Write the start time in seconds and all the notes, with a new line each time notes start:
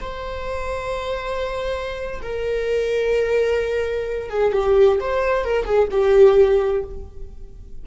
0.00 C5
2.22 A#4
4.29 G#4
4.52 G4
5.00 C5
5.44 A#4
5.65 G#4
5.90 G4